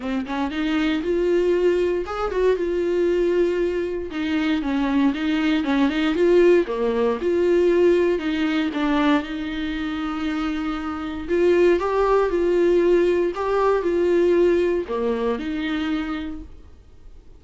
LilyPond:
\new Staff \with { instrumentName = "viola" } { \time 4/4 \tempo 4 = 117 c'8 cis'8 dis'4 f'2 | gis'8 fis'8 f'2. | dis'4 cis'4 dis'4 cis'8 dis'8 | f'4 ais4 f'2 |
dis'4 d'4 dis'2~ | dis'2 f'4 g'4 | f'2 g'4 f'4~ | f'4 ais4 dis'2 | }